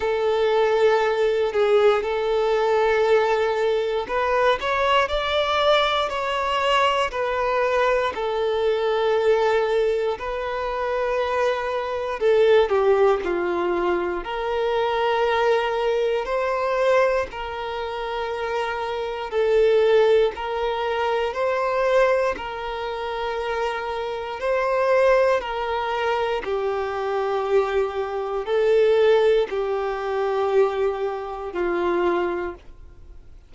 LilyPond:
\new Staff \with { instrumentName = "violin" } { \time 4/4 \tempo 4 = 59 a'4. gis'8 a'2 | b'8 cis''8 d''4 cis''4 b'4 | a'2 b'2 | a'8 g'8 f'4 ais'2 |
c''4 ais'2 a'4 | ais'4 c''4 ais'2 | c''4 ais'4 g'2 | a'4 g'2 f'4 | }